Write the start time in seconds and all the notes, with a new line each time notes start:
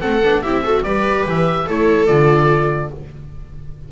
0.00 A3 C4 A4 F#5
0.22 B3 D4
0.42 C4 E4 G4 E5
0.63 F#4 A4
0.83 G3 G4 B4 D5
1.26 E3 E5
1.66 A3 E4 A4 C#5
2.06 D3 F4 D5